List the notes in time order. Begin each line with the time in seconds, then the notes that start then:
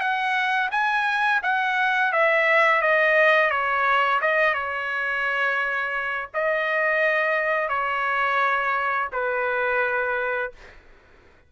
0.00 F#5
0.71 G#5
1.43 F#5
2.12 E5
2.82 D#5
3.50 C#5
4.21 D#5
4.54 C#5
6.34 D#5
7.69 C#5
9.12 B4